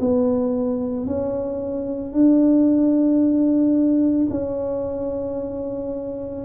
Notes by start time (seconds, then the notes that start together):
0.00 B3
1.06 C#4
2.13 D4
4.30 C#4